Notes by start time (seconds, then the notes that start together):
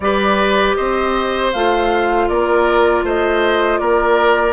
0.00 G3 G4 B4 D5
0.76 C4 C5 D#5
1.52 A3 F4 F5
2.28 A#3 A#4 D5
3.03 A3 C5 D#5
3.78 A#3 A#4 D5